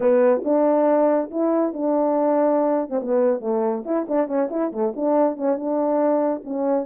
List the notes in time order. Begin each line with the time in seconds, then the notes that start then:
0.00 B3
0.44 D4
1.31 E4
1.73 D4
2.89 C4
3.02 B3
3.40 A3
3.85 E4
4.08 D4
4.27 C#4
4.50 E4
4.72 A3
4.96 D4
5.36 C#4
5.56 D4
6.43 C#4